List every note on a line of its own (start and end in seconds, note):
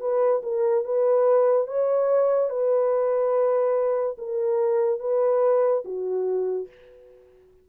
0.00 0.42 B4
0.43 0.84 A#4
0.84 1.67 B4
1.67 2.50 C#5
2.50 4.16 B4
4.18 5.00 A#4
5.00 5.83 B4
5.84 6.68 F#4